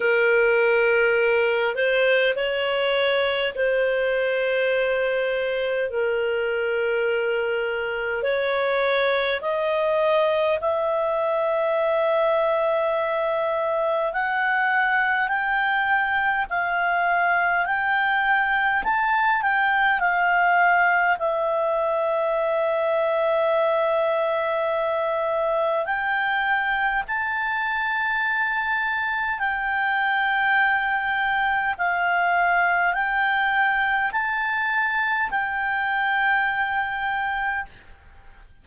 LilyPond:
\new Staff \with { instrumentName = "clarinet" } { \time 4/4 \tempo 4 = 51 ais'4. c''8 cis''4 c''4~ | c''4 ais'2 cis''4 | dis''4 e''2. | fis''4 g''4 f''4 g''4 |
a''8 g''8 f''4 e''2~ | e''2 g''4 a''4~ | a''4 g''2 f''4 | g''4 a''4 g''2 | }